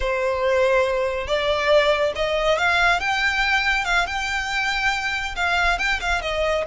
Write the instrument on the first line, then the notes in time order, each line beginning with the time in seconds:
violin
0.00 C5
1.27 D5
2.15 D#5
2.58 F5
3.00 G5
3.84 F5
4.06 G5
5.35 F5
5.78 G5
6.00 F5
6.21 D#5